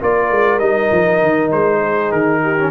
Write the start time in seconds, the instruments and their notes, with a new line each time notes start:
0.00 tuba A#3, trombone F4, horn A#4, trumpet D5
0.30 tuba G#3
0.59 tuba G3, trombone D#4, trumpet D#5
0.91 tuba F3
1.22 tuba D#3
1.52 tuba G#3, trumpet C5
1.79 horn G#4
2.11 tuba D#3, trumpet A#4
2.42 horn G4
2.58 trombone C#4